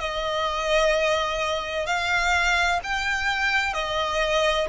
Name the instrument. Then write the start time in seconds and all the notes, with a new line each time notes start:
violin
0.00 D#5
1.86 F5
2.84 G5
3.73 D#5